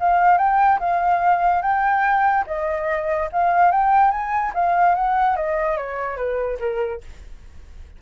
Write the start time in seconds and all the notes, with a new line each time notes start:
0.00 F5
0.38 G5
0.80 F5
1.62 G5
2.47 D#5
3.33 F5
3.72 G5
4.11 G#5
4.55 F5
4.95 F#5
5.36 D#5
5.77 C#5
6.17 B4
6.60 A#4